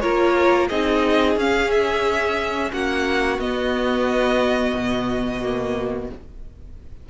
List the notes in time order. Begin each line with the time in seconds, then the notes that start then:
0.00 A#3 F4 A#4 C#5
0.69 C4 D#4 G#4 D#5
1.36 C#4 F5
1.71 E5
2.72 A#3 F#4 F#5
3.38 B3 D#5
4.75 B2
5.42 A#3